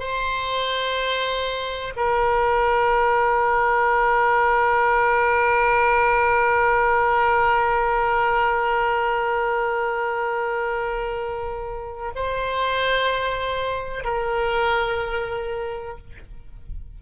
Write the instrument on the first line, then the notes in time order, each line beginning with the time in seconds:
oboe
0.00 C5
1.97 A#4
12.15 C5
14.04 A#4